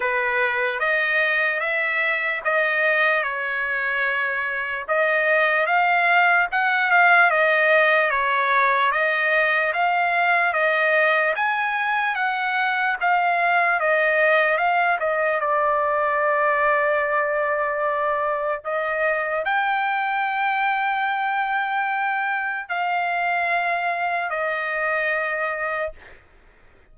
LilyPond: \new Staff \with { instrumentName = "trumpet" } { \time 4/4 \tempo 4 = 74 b'4 dis''4 e''4 dis''4 | cis''2 dis''4 f''4 | fis''8 f''8 dis''4 cis''4 dis''4 | f''4 dis''4 gis''4 fis''4 |
f''4 dis''4 f''8 dis''8 d''4~ | d''2. dis''4 | g''1 | f''2 dis''2 | }